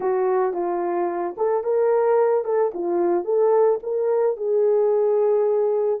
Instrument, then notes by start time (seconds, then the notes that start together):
horn
0.00 F#4
0.53 F4
1.37 A4
1.63 A#4
2.44 A4
2.74 F4
3.24 A4
3.83 A#4
4.36 G#4